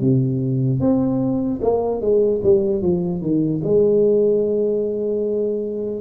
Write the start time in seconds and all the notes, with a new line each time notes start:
0.00 C3
0.80 C4
1.62 A#3
2.01 G#3
2.44 G3
2.82 F3
3.21 D#3
3.64 G#3